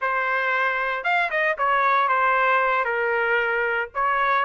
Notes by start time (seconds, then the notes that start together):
0.01 C5
1.04 F5
1.30 D#5
1.57 C#5
2.08 C5
2.84 A#4
3.94 C#5